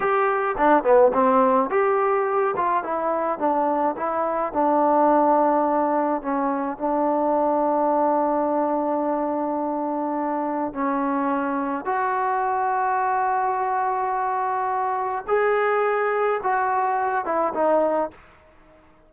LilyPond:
\new Staff \with { instrumentName = "trombone" } { \time 4/4 \tempo 4 = 106 g'4 d'8 b8 c'4 g'4~ | g'8 f'8 e'4 d'4 e'4 | d'2. cis'4 | d'1~ |
d'2. cis'4~ | cis'4 fis'2.~ | fis'2. gis'4~ | gis'4 fis'4. e'8 dis'4 | }